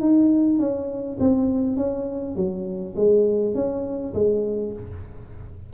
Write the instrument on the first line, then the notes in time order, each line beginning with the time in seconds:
tuba
0.00 D#4
0.59 C#4
1.20 C4
1.76 C#4
2.36 F#3
2.95 G#3
3.54 C#4
4.14 G#3